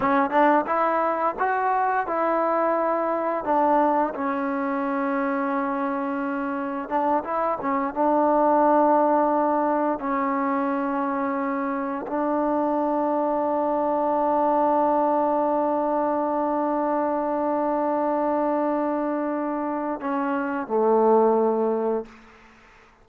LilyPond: \new Staff \with { instrumentName = "trombone" } { \time 4/4 \tempo 4 = 87 cis'8 d'8 e'4 fis'4 e'4~ | e'4 d'4 cis'2~ | cis'2 d'8 e'8 cis'8 d'8~ | d'2~ d'8 cis'4.~ |
cis'4. d'2~ d'8~ | d'1~ | d'1~ | d'4 cis'4 a2 | }